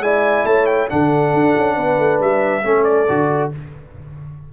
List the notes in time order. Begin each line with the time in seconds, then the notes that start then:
0.00 G#3 E4 D5 G#5
0.45 A3 C#5 A5
0.66 G5
0.89 D3 D4 A4 F#5
1.34 D4
1.57 C#4
1.76 B3 B4
1.99 A3
2.20 G3 E5
2.64 A3 C#4 A4
2.84 D5
3.09 D3 F#4